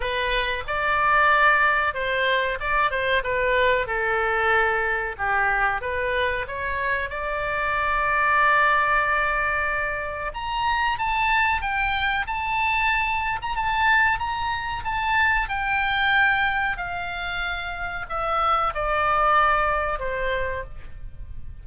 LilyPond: \new Staff \with { instrumentName = "oboe" } { \time 4/4 \tempo 4 = 93 b'4 d''2 c''4 | d''8 c''8 b'4 a'2 | g'4 b'4 cis''4 d''4~ | d''1 |
ais''4 a''4 g''4 a''4~ | a''8. ais''16 a''4 ais''4 a''4 | g''2 f''2 | e''4 d''2 c''4 | }